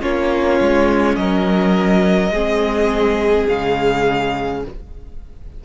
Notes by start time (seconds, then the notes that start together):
0.00 A#3 C#4 F4 C#5
0.61 G#3
1.16 F#3 A#4 D#5
2.30 G#3 C4 G#4
3.48 C#3 G#3 F5